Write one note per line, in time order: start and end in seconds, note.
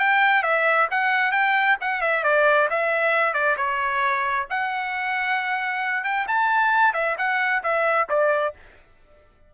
0.00 0.43 G5
0.43 0.88 E5
0.91 1.32 F#5
1.32 1.77 G5
1.81 2.01 F#5
2.01 2.24 E5
2.24 2.68 D5
2.70 3.34 E5
3.34 3.56 D5
3.57 4.47 C#5
4.50 6.04 F#5
6.04 6.26 G5
6.28 6.94 A5
6.94 7.16 E5
7.18 7.63 F#5
7.64 8.08 E5
8.09 8.54 D5